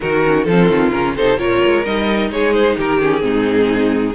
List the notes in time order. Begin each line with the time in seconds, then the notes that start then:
0.00 D#3 D#4 F#4 A#4
0.24 C#4
0.44 F3 C4 F4 A4
0.69 D#3
0.90 C#3 C#4 A#4
1.16 C3 D#4 A4 C5
1.37 A#2 F4 A#4 C#5
1.65 G#3
1.84 G3 D#4 D#5
2.30 G#3 G#4 C#5
2.53 C5
2.77 D#3 G4 A#4
3.00 C#4 G#4
3.19 G#2 C4 D#4